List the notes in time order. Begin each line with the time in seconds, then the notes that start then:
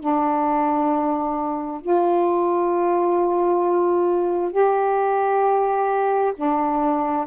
0.00 D4
1.81 F4
4.52 G4
6.36 D4